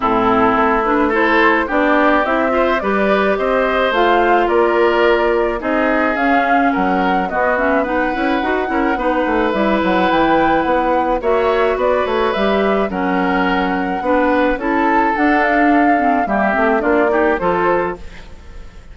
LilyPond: <<
  \new Staff \with { instrumentName = "flute" } { \time 4/4 \tempo 4 = 107 a'4. b'8 c''4 d''4 | e''4 d''4 dis''4 f''4 | d''2 dis''4 f''4 | fis''4 dis''8 e''8 fis''2~ |
fis''4 e''8 fis''8 g''4 fis''4 | e''4 d''8 cis''8 e''4 fis''4~ | fis''2 a''4 fis''8 f''8~ | f''4 e''4 d''4 c''4 | }
  \new Staff \with { instrumentName = "oboe" } { \time 4/4 e'2 a'4 g'4~ | g'8 c''8 b'4 c''2 | ais'2 gis'2 | ais'4 fis'4 b'4. ais'8 |
b'1 | cis''4 b'2 ais'4~ | ais'4 b'4 a'2~ | a'4 g'4 f'8 g'8 a'4 | }
  \new Staff \with { instrumentName = "clarinet" } { \time 4/4 c'4. d'8 e'4 d'4 | e'8 f'8 g'2 f'4~ | f'2 dis'4 cis'4~ | cis'4 b8 cis'8 dis'8 e'8 fis'8 e'8 |
dis'4 e'2. | fis'2 g'4 cis'4~ | cis'4 d'4 e'4 d'4~ | d'8 c'8 ais8 c'8 d'8 dis'8 f'4 | }
  \new Staff \with { instrumentName = "bassoon" } { \time 4/4 a,4 a2 b4 | c'4 g4 c'4 a4 | ais2 c'4 cis'4 | fis4 b4. cis'8 dis'8 cis'8 |
b8 a8 g8 fis8 e4 b4 | ais4 b8 a8 g4 fis4~ | fis4 b4 cis'4 d'4~ | d'4 g8 a8 ais4 f4 | }
>>